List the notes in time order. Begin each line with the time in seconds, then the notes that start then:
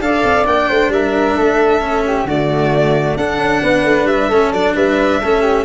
0.00 D4 A4 D5 F5
0.23 C4
0.45 A#3 D4 G5
0.68 A3 C5
0.88 G3 A#4 E5
1.36 A3 A4
1.80 C#4
2.06 G4
2.24 D3 A3 F#4 D5
3.16 D4 A4 F#5
3.37 C#4
3.62 B3 B4
3.83 A3
4.04 G3 E5
4.28 A3 C#4 A4
4.52 F#3 D4 D5
4.75 G3 B4 E5
5.20 A3 C#4 A4
5.41 G4